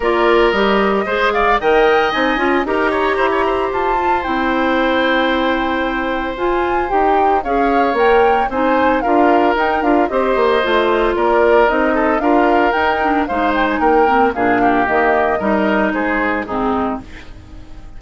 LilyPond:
<<
  \new Staff \with { instrumentName = "flute" } { \time 4/4 \tempo 4 = 113 d''4 dis''4. f''8 g''4 | gis''4 ais''2 a''4 | g''1 | gis''4 g''4 f''4 g''4 |
gis''4 f''4 g''8 f''8 dis''4~ | dis''4 d''4 dis''4 f''4 | g''4 f''8 g''16 gis''16 g''4 f''4 | dis''2 c''4 gis'4 | }
  \new Staff \with { instrumentName = "oboe" } { \time 4/4 ais'2 c''8 d''8 dis''4~ | dis''4 ais'8 cis''8 c''16 cis''16 c''4.~ | c''1~ | c''2 cis''2 |
c''4 ais'2 c''4~ | c''4 ais'4. a'8 ais'4~ | ais'4 c''4 ais'4 gis'8 g'8~ | g'4 ais'4 gis'4 dis'4 | }
  \new Staff \with { instrumentName = "clarinet" } { \time 4/4 f'4 g'4 gis'4 ais'4 | dis'8 f'8 g'2~ g'8 f'8 | e'1 | f'4 g'4 gis'4 ais'4 |
dis'4 f'4 dis'8 f'8 g'4 | f'2 dis'4 f'4 | dis'8 d'8 dis'4. c'8 d'4 | ais4 dis'2 c'4 | }
  \new Staff \with { instrumentName = "bassoon" } { \time 4/4 ais4 g4 gis4 dis4 | c'8 cis'8 dis'4 e'4 f'4 | c'1 | f'4 dis'4 cis'4 ais4 |
c'4 d'4 dis'8 d'8 c'8 ais8 | a4 ais4 c'4 d'4 | dis'4 gis4 ais4 ais,4 | dis4 g4 gis4 gis,4 | }
>>